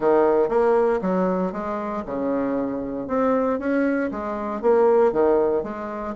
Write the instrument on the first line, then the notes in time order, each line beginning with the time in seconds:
bassoon
0.00 D#3
0.48 A#3
1.01 F#3
1.52 G#3
2.06 C#3
3.07 C4
3.59 C#4
4.11 G#3
4.61 A#3
5.12 D#3
5.63 G#3